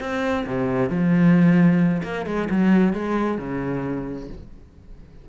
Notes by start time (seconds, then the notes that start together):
0.00 C4
0.47 C3
0.90 F3
2.03 A#3
2.26 G#3
2.50 F#3
2.93 G#3
3.38 C#3